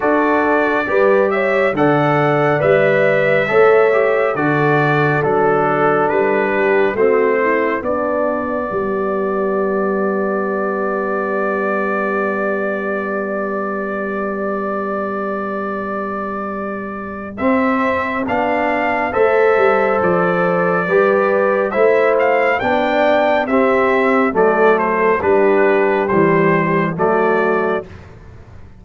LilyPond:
<<
  \new Staff \with { instrumentName = "trumpet" } { \time 4/4 \tempo 4 = 69 d''4. e''8 fis''4 e''4~ | e''4 d''4 a'4 b'4 | c''4 d''2.~ | d''1~ |
d''1 | e''4 f''4 e''4 d''4~ | d''4 e''8 f''8 g''4 e''4 | d''8 c''8 b'4 c''4 d''4 | }
  \new Staff \with { instrumentName = "horn" } { \time 4/4 a'4 b'8 cis''8 d''2 | cis''4 a'2~ a'8 g'8 | fis'8 e'8 d'4 g'2~ | g'1~ |
g'1~ | g'2 c''2 | b'4 c''4 d''4 g'4 | a'4 g'2 fis'4 | }
  \new Staff \with { instrumentName = "trombone" } { \time 4/4 fis'4 g'4 a'4 b'4 | a'8 g'8 fis'4 d'2 | c'4 b2.~ | b1~ |
b1 | c'4 d'4 a'2 | g'4 e'4 d'4 c'4 | a4 d'4 g4 a4 | }
  \new Staff \with { instrumentName = "tuba" } { \time 4/4 d'4 g4 d4 g4 | a4 d4 fis4 g4 | a4 b4 g2~ | g1~ |
g1 | c'4 b4 a8 g8 f4 | g4 a4 b4 c'4 | fis4 g4 e4 fis4 | }
>>